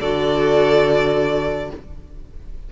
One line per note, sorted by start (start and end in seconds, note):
0.00 1.70 D3
0.00 1.72 F#4
0.00 1.70 A4
0.00 1.70 D5